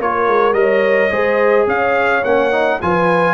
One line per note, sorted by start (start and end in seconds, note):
0.00 0.28 A#3
0.00 0.54 F4
0.00 0.59 A#4
0.00 0.54 C#5
0.28 0.53 G#3
0.53 1.09 G3
0.53 1.10 A#4
0.53 1.11 C#5
0.53 1.66 D#5
1.11 1.67 G#3
1.11 2.23 G#4
1.11 1.67 C5
1.67 2.23 C#4
1.67 2.81 C#5
1.67 2.25 F5
2.25 2.82 A#3
2.25 2.52 C#4
2.25 2.81 F#5
2.52 2.80 D#4
2.82 3.34 F3
2.82 3.34 F4
2.82 3.34 B4
2.82 3.34 G#5